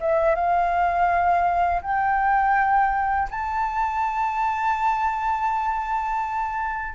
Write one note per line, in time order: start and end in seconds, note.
0.00 0.35 E5
0.35 1.82 F5
1.82 3.28 G5
3.30 6.94 A5